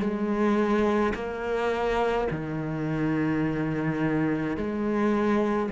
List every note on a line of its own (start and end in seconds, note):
0.00 1.13 G#3
1.15 2.28 A#3
2.31 4.57 D#3
4.57 5.70 G#3